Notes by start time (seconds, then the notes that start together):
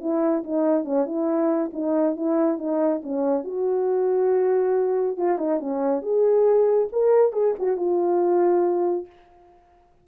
0.00 E4
0.44 D#4
0.84 C#4
1.06 E4
1.73 D#4
2.16 E4
2.58 D#4
3.03 C#4
3.44 F#4
5.17 F4
5.38 D#4
5.59 C#4
6.02 G#4
6.92 A#4
7.32 G#4
7.59 F#4
7.77 F4